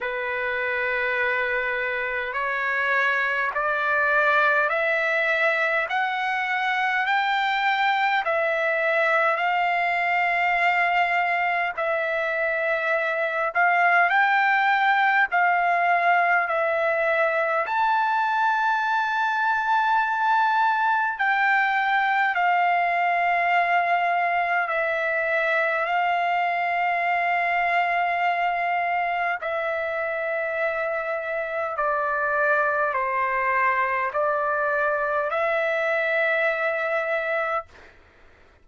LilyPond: \new Staff \with { instrumentName = "trumpet" } { \time 4/4 \tempo 4 = 51 b'2 cis''4 d''4 | e''4 fis''4 g''4 e''4 | f''2 e''4. f''8 | g''4 f''4 e''4 a''4~ |
a''2 g''4 f''4~ | f''4 e''4 f''2~ | f''4 e''2 d''4 | c''4 d''4 e''2 | }